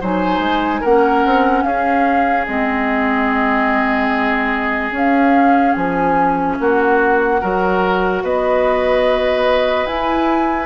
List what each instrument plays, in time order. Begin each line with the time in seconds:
0.00 bassoon F#3, clarinet D#4, oboe C5, flute G#5
0.39 bassoon G#3
0.81 bassoon A#3, clarinet C#4, oboe A#4, flute F#5
1.25 bassoon C4
1.63 bassoon C#4, oboe G#4, flute F5
2.46 bassoon G#3, clarinet C4, flute D#5
4.91 bassoon C#4, clarinet C#4, flute F5
5.73 bassoon F3, flute G#5
6.59 bassoon A#3, oboe F#4, flute F#5
7.40 bassoon F#3, clarinet F#4, oboe A#4
8.22 bassoon B3, oboe B4, flute D#5
9.86 bassoon E4, clarinet E4, flute G#5